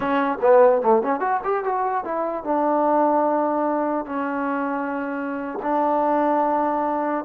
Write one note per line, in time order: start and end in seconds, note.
0.00 0.38 C#4
0.41 0.82 B3
0.82 1.02 A3
1.02 1.20 C#4
1.20 1.40 F#4
1.43 1.63 G4
1.63 2.04 F#4
2.04 2.43 E4
2.43 4.05 D4
4.05 5.58 C#4
5.62 7.24 D4